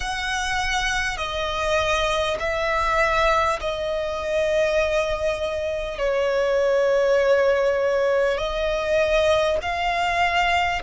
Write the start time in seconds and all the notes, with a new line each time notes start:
0.00 F#5
1.17 D#5
2.39 E5
3.60 D#5
5.98 C#5
8.37 D#5
9.62 F5